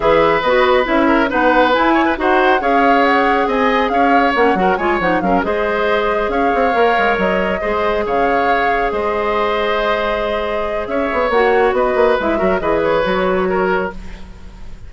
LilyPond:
<<
  \new Staff \with { instrumentName = "flute" } { \time 4/4 \tempo 4 = 138 e''4 dis''4 e''4 fis''4 | gis''4 fis''4 f''4 fis''4 | gis''4 f''4 fis''4 gis''8 fis''8 | f''8 dis''2 f''4.~ |
f''8 dis''2 f''4.~ | f''8 dis''2.~ dis''8~ | dis''4 e''4 fis''4 dis''4 | e''4 dis''8 cis''2~ cis''8 | }
  \new Staff \with { instrumentName = "oboe" } { \time 4/4 b'2~ b'8 ais'8 b'4~ | b'8 cis''16 b'16 c''4 cis''2 | dis''4 cis''4. ais'8 cis''4 | ais'8 c''2 cis''4.~ |
cis''4. c''4 cis''4.~ | cis''8 c''2.~ c''8~ | c''4 cis''2 b'4~ | b'8 ais'8 b'2 ais'4 | }
  \new Staff \with { instrumentName = "clarinet" } { \time 4/4 gis'4 fis'4 e'4 dis'4 | e'4 fis'4 gis'2~ | gis'2 cis'8 fis'8 f'8 dis'8 | cis'8 gis'2. ais'8~ |
ais'4. gis'2~ gis'8~ | gis'1~ | gis'2 fis'2 | e'8 fis'8 gis'4 fis'2 | }
  \new Staff \with { instrumentName = "bassoon" } { \time 4/4 e4 b4 cis'4 b4 | e'4 dis'4 cis'2 | c'4 cis'4 ais8 fis8 gis8 f8 | fis8 gis2 cis'8 c'8 ais8 |
gis8 fis4 gis4 cis4.~ | cis8 gis2.~ gis8~ | gis4 cis'8 b8 ais4 b8 ais8 | gis8 fis8 e4 fis2 | }
>>